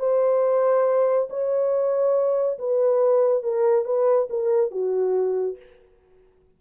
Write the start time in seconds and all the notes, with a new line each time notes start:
0.00 C5
1.30 C#5
2.59 B4
3.44 A#4
3.86 B4
4.30 A#4
4.71 F#4